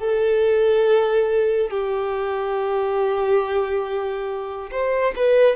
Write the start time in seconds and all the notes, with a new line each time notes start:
0.00 A4
1.71 G4
4.72 C5
5.17 B4